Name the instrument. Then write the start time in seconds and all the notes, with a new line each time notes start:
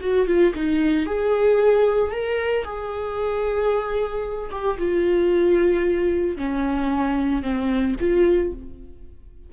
viola
0.00 F#4
0.27 F4
0.54 D#4
1.05 G#4
2.11 A#4
2.64 G#4
4.51 G4
4.77 F4
6.36 C#4
7.42 C4
7.99 F4